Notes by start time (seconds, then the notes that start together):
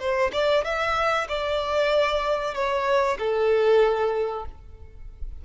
0.00 C5
0.33 D5
0.65 E5
1.29 D5
2.55 C#5
3.19 A4